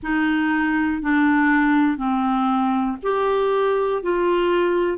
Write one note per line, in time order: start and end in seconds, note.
0.03 1.01 D#4
1.01 1.97 D4
1.97 2.97 C4
3.03 4.02 G4
4.02 4.98 F4